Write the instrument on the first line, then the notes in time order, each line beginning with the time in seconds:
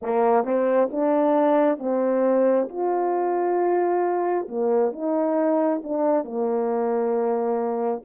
horn
0.02 A#3
0.44 C4
0.91 D4
1.79 C4
2.68 F4
4.48 A#3
4.92 D#4
5.83 D4
6.24 A#3